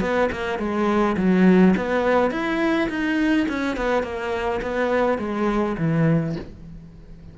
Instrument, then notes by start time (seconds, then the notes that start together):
cello
0.00 B3
0.31 A#3
0.58 G#3
1.16 F#3
1.76 B3
2.31 E4
2.88 D#4
3.48 C#4
3.76 B3
4.03 A#3
4.61 B3
5.18 G#3
5.77 E3